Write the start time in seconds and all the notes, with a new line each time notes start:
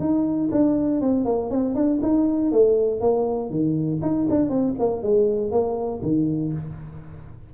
0.00 D#4
0.52 D4
1.01 C4
1.25 A#3
1.50 C4
1.75 D4
2.02 D#4
2.52 A3
3.01 A#3
3.50 D#3
4.02 D#4
4.30 D4
4.49 C4
4.79 A#3
5.03 G#3
5.52 A#3
6.03 D#3